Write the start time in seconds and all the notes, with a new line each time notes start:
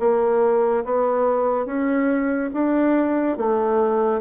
0.00 A#3
0.85 B3
1.66 C#4
2.54 D4
3.38 A3